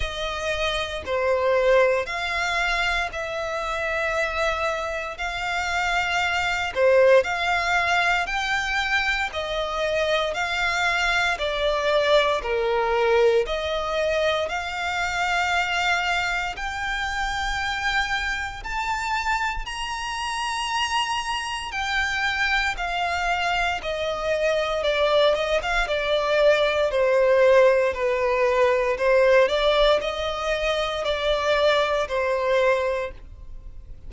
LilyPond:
\new Staff \with { instrumentName = "violin" } { \time 4/4 \tempo 4 = 58 dis''4 c''4 f''4 e''4~ | e''4 f''4. c''8 f''4 | g''4 dis''4 f''4 d''4 | ais'4 dis''4 f''2 |
g''2 a''4 ais''4~ | ais''4 g''4 f''4 dis''4 | d''8 dis''16 f''16 d''4 c''4 b'4 | c''8 d''8 dis''4 d''4 c''4 | }